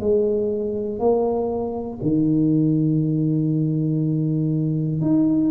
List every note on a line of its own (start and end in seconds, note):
0.00 0.99 G#3
0.99 1.99 A#3
2.02 5.01 D#3
5.01 5.50 D#4